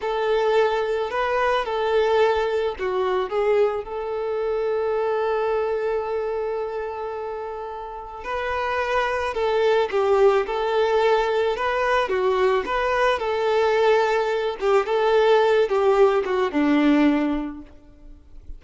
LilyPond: \new Staff \with { instrumentName = "violin" } { \time 4/4 \tempo 4 = 109 a'2 b'4 a'4~ | a'4 fis'4 gis'4 a'4~ | a'1~ | a'2. b'4~ |
b'4 a'4 g'4 a'4~ | a'4 b'4 fis'4 b'4 | a'2~ a'8 g'8 a'4~ | a'8 g'4 fis'8 d'2 | }